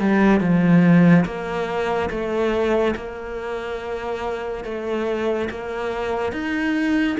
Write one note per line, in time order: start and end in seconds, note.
0.00 0.40 G3
0.40 1.25 F3
1.25 2.10 A#3
2.10 2.95 A3
2.96 4.64 A#3
4.64 5.49 A3
5.50 6.32 A#3
6.32 7.17 D#4